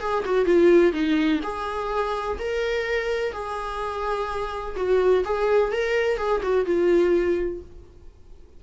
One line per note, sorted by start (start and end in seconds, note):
0.00 0.24 G#4
0.25 0.45 F#4
0.45 0.93 F4
0.93 1.40 D#4
1.43 2.38 G#4
2.39 3.33 A#4
3.33 4.76 G#4
4.76 5.24 F#4
5.25 5.72 G#4
5.72 6.18 A#4
6.18 6.41 G#4
6.43 6.66 F#4
6.66 7.61 F4